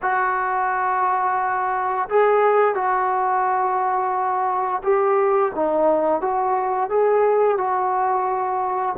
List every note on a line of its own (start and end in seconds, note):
0.02 2.08 F#4
2.09 2.75 G#4
2.75 4.82 F#4
4.83 5.52 G4
5.55 6.21 D#4
6.21 6.89 F#4
6.89 7.57 G#4
7.57 8.95 F#4